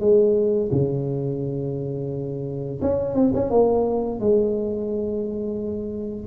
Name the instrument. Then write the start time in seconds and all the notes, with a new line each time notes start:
tuba
0.00 G#3
0.71 C#3
2.81 C#4
3.15 C4
3.34 C#4
3.50 A#3
4.20 G#3